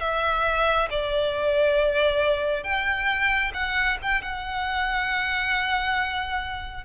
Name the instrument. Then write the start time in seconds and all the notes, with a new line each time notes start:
violin
0.00 E5
0.90 D5
2.63 G5
3.54 F#5
4.02 G5
4.22 F#5